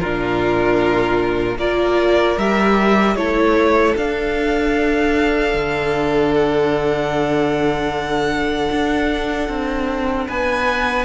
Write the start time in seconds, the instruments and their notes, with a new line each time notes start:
0.00 cello A#2, viola D4, violin F4 A#4
1.57 cello A#3, viola F4, violin A#4 D5
2.38 cello G3, viola G4, violin E5
3.16 cello A3, viola E4, violin A4 C#5
3.97 cello D4, viola D4, violin F5
5.54 cello D3
6.35 violin F#5
8.72 cello D4
9.49 cello C4
10.28 cello B3, violin B4 G#5